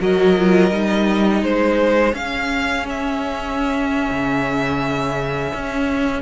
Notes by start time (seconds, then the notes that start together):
0.00 F#3 F#4 A#4 D#5
0.38 F4
0.71 G3 D#4
1.43 G#3 G#4 C5
2.13 C#4 F5
2.89 E5
4.10 C#3
5.54 C#4